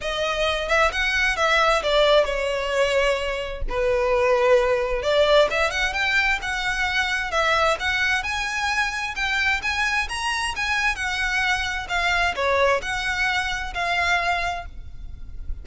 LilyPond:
\new Staff \with { instrumentName = "violin" } { \time 4/4 \tempo 4 = 131 dis''4. e''8 fis''4 e''4 | d''4 cis''2. | b'2. d''4 | e''8 fis''8 g''4 fis''2 |
e''4 fis''4 gis''2 | g''4 gis''4 ais''4 gis''4 | fis''2 f''4 cis''4 | fis''2 f''2 | }